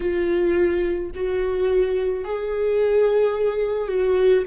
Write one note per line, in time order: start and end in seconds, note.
0.00 1.11 F4
1.15 2.24 F#4
2.24 3.88 G#4
3.88 4.43 F#4